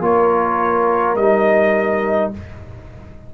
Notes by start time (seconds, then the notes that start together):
0.00 A#3 F4 A#4 C#5
1.15 G3 D#4 D#5